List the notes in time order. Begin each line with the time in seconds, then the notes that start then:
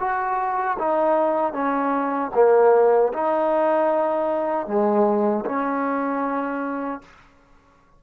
0.00 F#4
0.79 D#4
1.53 C#4
2.35 A#3
3.13 D#4
4.67 G#3
5.46 C#4